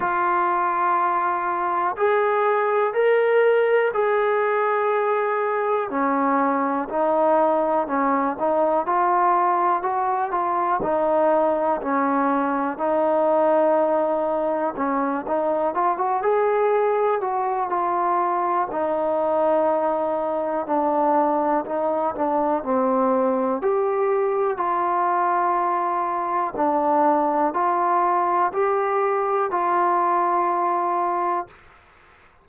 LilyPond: \new Staff \with { instrumentName = "trombone" } { \time 4/4 \tempo 4 = 61 f'2 gis'4 ais'4 | gis'2 cis'4 dis'4 | cis'8 dis'8 f'4 fis'8 f'8 dis'4 | cis'4 dis'2 cis'8 dis'8 |
f'16 fis'16 gis'4 fis'8 f'4 dis'4~ | dis'4 d'4 dis'8 d'8 c'4 | g'4 f'2 d'4 | f'4 g'4 f'2 | }